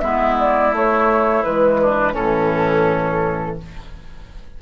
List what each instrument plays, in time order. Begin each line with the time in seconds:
0.00 bassoon G#3, clarinet B3, oboe E4, flute E5
0.40 flute D5
0.72 clarinet A3, bassoon A3, flute C#5
1.43 bassoon E3, clarinet G#3, flute B4
1.82 oboe D4
2.13 bassoon A2, oboe C#4, flute A4
2.19 clarinet E3